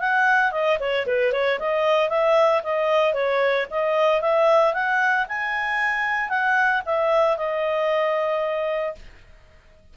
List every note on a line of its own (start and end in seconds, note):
0.00 0.52 F#5
0.52 0.78 D#5
0.80 1.06 C#5
1.06 1.33 B4
1.33 1.59 C#5
1.59 2.09 D#5
2.09 2.62 E5
2.63 3.14 D#5
3.14 3.67 C#5
3.70 4.21 D#5
4.21 4.74 E5
4.74 5.26 F#5
5.29 6.29 G#5
6.29 6.82 F#5
6.86 7.37 E5
7.37 8.95 D#5